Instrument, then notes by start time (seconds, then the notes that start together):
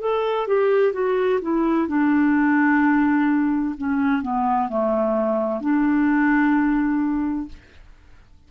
clarinet
0.00 A4
0.47 G4
0.92 F#4
1.41 E4
1.87 D4
3.77 C#4
4.21 B3
4.69 A3
5.60 D4